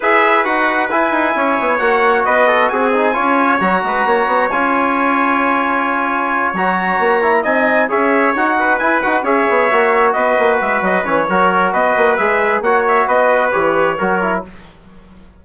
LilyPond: <<
  \new Staff \with { instrumentName = "trumpet" } { \time 4/4 \tempo 4 = 133 e''4 fis''4 gis''2 | fis''4 dis''4 gis''2 | ais''2 gis''2~ | gis''2~ gis''8 ais''4.~ |
ais''8 gis''4 e''4 fis''4 gis''8 | fis''8 e''2 dis''4 e''8 | dis''8 cis''4. dis''4 e''4 | fis''8 e''8 dis''4 cis''2 | }
  \new Staff \with { instrumentName = "trumpet" } { \time 4/4 b'2. cis''4~ | cis''4 b'8 a'8 gis'4 cis''4~ | cis''8 b'8 cis''2.~ | cis''1~ |
cis''8 dis''4 cis''4. b'4~ | b'8 cis''2 b'4.~ | b'4 ais'4 b'2 | cis''4 b'2 ais'4 | }
  \new Staff \with { instrumentName = "trombone" } { \time 4/4 gis'4 fis'4 e'2 | fis'2~ fis'8 dis'8 f'4 | fis'2 f'2~ | f'2~ f'8 fis'4. |
e'8 dis'4 gis'4 fis'4 e'8 | fis'8 gis'4 fis'2~ fis'8~ | fis'8 cis'8 fis'2 gis'4 | fis'2 g'4 fis'8 e'8 | }
  \new Staff \with { instrumentName = "bassoon" } { \time 4/4 e'4 dis'4 e'8 dis'8 cis'8 b8 | ais4 b4 c'4 cis'4 | fis8 gis8 ais8 b8 cis'2~ | cis'2~ cis'8 fis4 ais8~ |
ais8 c'4 cis'4 dis'4 e'8 | dis'8 cis'8 b8 ais4 b8 ais8 gis8 | fis8 e8 fis4 b8 ais8 gis4 | ais4 b4 e4 fis4 | }
>>